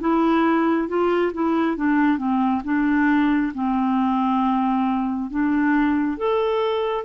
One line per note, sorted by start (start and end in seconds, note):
0.00 0.88 E4
0.88 1.32 F4
1.33 1.76 E4
1.76 2.17 D4
2.17 2.61 C4
2.64 3.53 D4
3.54 5.30 C4
5.30 6.17 D4
6.17 7.04 A4